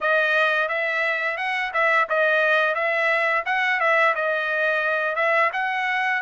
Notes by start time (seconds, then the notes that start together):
0.00 D#5
0.68 E5
1.37 F#5
1.73 E5
2.09 D#5
2.74 E5
3.45 F#5
3.79 E5
4.15 D#5
5.15 E5
5.52 F#5